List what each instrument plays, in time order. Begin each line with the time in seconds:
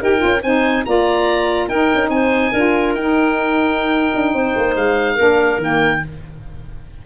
0.00 tuba D#4, saxophone G4, clarinet A#4, oboe G5
0.17 saxophone F4
0.24 tuba C#4
0.42 tuba C4, saxophone D#4, clarinet C5, oboe G#5
0.85 tuba A#3, saxophone F4, clarinet D5, oboe A#5
1.68 tuba D#4, saxophone D#4, clarinet A#4, oboe G5
1.94 tuba C#4
2.09 tuba C4, clarinet C5, oboe G#5
2.52 tuba D4, saxophone F4, clarinet A#4
2.93 tuba D#4, saxophone D#4, oboe G5
4.15 tuba D4
4.33 tuba C4, clarinet C5
4.56 tuba A#3
4.76 tuba G#3, oboe F5
5.15 tuba A#3, saxophone D4, clarinet A#4
5.57 tuba D#3, saxophone A#3, oboe G5